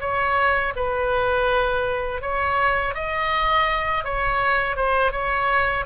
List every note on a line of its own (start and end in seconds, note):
0.00 0.73 C#5
0.76 2.22 B4
2.22 2.95 C#5
2.95 4.04 D#5
4.04 4.76 C#5
4.76 5.12 C5
5.12 5.85 C#5